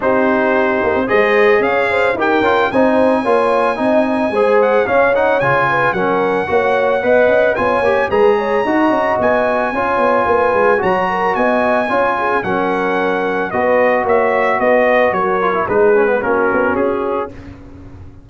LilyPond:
<<
  \new Staff \with { instrumentName = "trumpet" } { \time 4/4 \tempo 4 = 111 c''2 dis''4 f''4 | g''4 gis''2.~ | gis''8 fis''8 f''8 fis''8 gis''4 fis''4~ | fis''2 gis''4 ais''4~ |
ais''4 gis''2. | ais''4 gis''2 fis''4~ | fis''4 dis''4 e''4 dis''4 | cis''4 b'4 ais'4 gis'4 | }
  \new Staff \with { instrumentName = "horn" } { \time 4/4 g'2 c''4 cis''8 c''8 | ais'4 c''4 cis''4 dis''4 | c''4 cis''4. b'8 ais'4 | cis''4 dis''4 cis''4 b'8 cis''8 |
dis''2 cis''4 b'4 | cis''8 ais'8 dis''4 cis''8 gis'8 ais'4~ | ais'4 b'4 cis''4 b'4 | ais'4 gis'4 fis'2 | }
  \new Staff \with { instrumentName = "trombone" } { \time 4/4 dis'2 gis'2 | g'8 f'8 dis'4 f'4 dis'4 | gis'4 cis'8 dis'8 f'4 cis'4 | fis'4 b'4 f'8 g'8 gis'4 |
fis'2 f'2 | fis'2 f'4 cis'4~ | cis'4 fis'2.~ | fis'8 f'16 e'16 dis'8 cis'16 b16 cis'2 | }
  \new Staff \with { instrumentName = "tuba" } { \time 4/4 c'4. ais16 c'16 gis4 cis'4 | dis'8 cis'8 c'4 ais4 c'4 | gis4 cis'4 cis4 fis4 | ais4 b8 cis'8 b8 ais8 gis4 |
dis'8 cis'8 b4 cis'8 b8 ais8 gis8 | fis4 b4 cis'4 fis4~ | fis4 b4 ais4 b4 | fis4 gis4 ais8 b8 cis'4 | }
>>